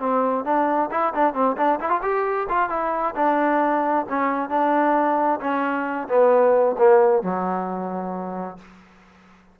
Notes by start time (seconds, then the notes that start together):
0.00 C4
0.45 D4
0.92 E4
1.15 D4
1.34 C4
1.57 D4
1.81 E4
1.90 F4
2.03 G4
2.49 F4
2.70 E4
3.16 D4
4.10 C#4
4.50 D4
5.41 C#4
6.09 B3
6.79 A#3
7.23 F#3